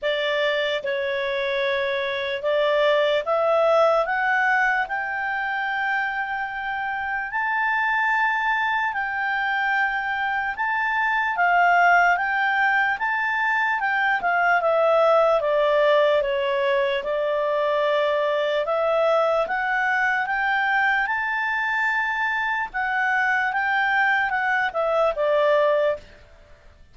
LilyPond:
\new Staff \with { instrumentName = "clarinet" } { \time 4/4 \tempo 4 = 74 d''4 cis''2 d''4 | e''4 fis''4 g''2~ | g''4 a''2 g''4~ | g''4 a''4 f''4 g''4 |
a''4 g''8 f''8 e''4 d''4 | cis''4 d''2 e''4 | fis''4 g''4 a''2 | fis''4 g''4 fis''8 e''8 d''4 | }